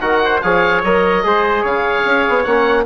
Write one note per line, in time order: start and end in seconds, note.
0.00 0.41 D#3
0.00 0.41 F#4
0.00 0.21 A#4
0.00 0.41 F#5
0.24 0.43 C5
0.41 0.83 F3
0.41 0.84 G#4
0.41 1.24 C#5
0.41 0.82 F5
0.83 1.24 F#3
0.83 1.23 A#4
0.83 1.65 D#5
1.23 1.63 G#3
1.23 2.45 G#4
1.23 1.62 C5
1.62 2.04 C#3
1.62 2.84 C#5
1.62 2.43 F5
2.05 2.25 C#4
2.29 2.46 B3
2.43 2.85 A#3
2.43 2.85 C#4
2.43 2.84 F#5